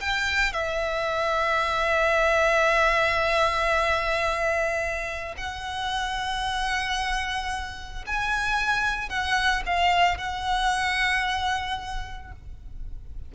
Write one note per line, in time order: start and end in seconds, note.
0.00 0.53 G5
0.53 5.35 E5
5.37 8.05 F#5
8.06 9.09 G#5
9.09 9.63 F#5
9.66 10.18 F5
10.18 12.32 F#5